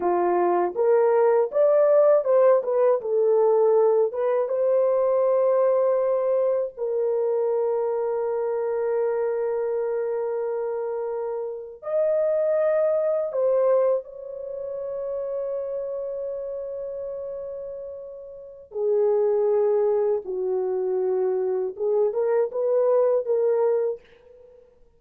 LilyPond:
\new Staff \with { instrumentName = "horn" } { \time 4/4 \tempo 4 = 80 f'4 ais'4 d''4 c''8 b'8 | a'4. b'8 c''2~ | c''4 ais'2.~ | ais'2.~ ais'8. dis''16~ |
dis''4.~ dis''16 c''4 cis''4~ cis''16~ | cis''1~ | cis''4 gis'2 fis'4~ | fis'4 gis'8 ais'8 b'4 ais'4 | }